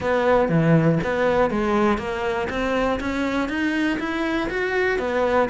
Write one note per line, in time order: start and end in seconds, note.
0.00 0.48 B3
0.48 0.98 E3
1.03 1.50 B3
1.50 1.97 G#3
1.97 2.48 A#3
2.49 2.99 C4
3.00 3.49 C#4
3.49 3.99 D#4
3.99 4.49 E4
4.50 4.99 F#4
4.99 5.49 B3